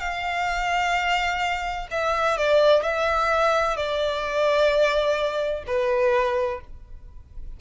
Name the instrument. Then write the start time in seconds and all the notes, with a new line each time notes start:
violin
0.00 F5
1.91 E5
2.37 D5
2.83 E5
3.76 D5
5.67 B4